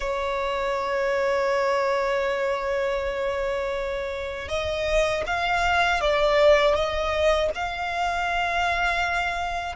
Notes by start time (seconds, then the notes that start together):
0.00 C#5
4.48 D#5
5.26 F5
6.00 D5
6.74 D#5
7.54 F5